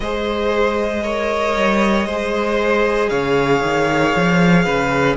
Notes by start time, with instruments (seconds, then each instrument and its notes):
0.00 cello G#3, viola G#4, violin C5 D#5
1.03 viola A#4, violin C#5
1.55 cello G3
2.06 cello G#3, viola G#4, violin C5
3.09 cello C#3, violin C#5 F5
3.62 cello D#3
4.15 cello F3
4.64 cello C#3, violin B4